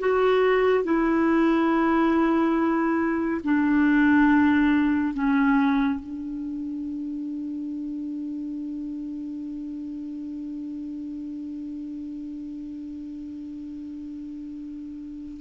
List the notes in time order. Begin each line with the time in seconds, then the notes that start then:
0.00 F#4
0.85 E4
3.44 D4
5.14 C#4
6.00 D4